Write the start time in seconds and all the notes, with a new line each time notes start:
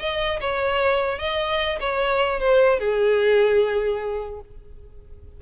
0.00 D#5
0.41 C#5
1.19 D#5
1.80 C#5
2.40 C5
2.80 G#4